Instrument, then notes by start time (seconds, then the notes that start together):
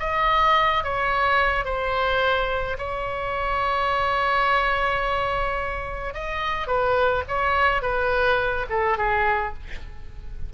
oboe
0.00 D#5
0.84 C#5
1.65 C5
2.78 C#5
6.14 D#5
6.68 B4
7.28 C#5
7.82 B4
8.70 A4
8.98 G#4